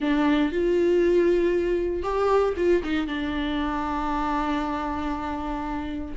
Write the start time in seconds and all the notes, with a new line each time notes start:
0.00 D4
0.52 F4
2.02 G4
2.56 F4
2.83 D#4
3.07 D4